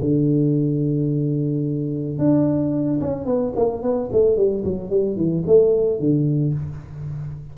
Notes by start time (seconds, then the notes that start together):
0.00 D3
2.18 D4
3.00 C#4
3.25 B3
3.56 A#3
3.82 B3
4.12 A3
4.36 G3
4.64 F#3
4.90 G3
5.16 E3
5.46 A3
5.99 D3